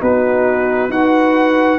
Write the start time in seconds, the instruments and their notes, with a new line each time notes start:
0.00 tuba B3, trombone D#4, horn F#4, trumpet B4
0.89 tuba D#4, trombone F#4, horn B4, trumpet F#5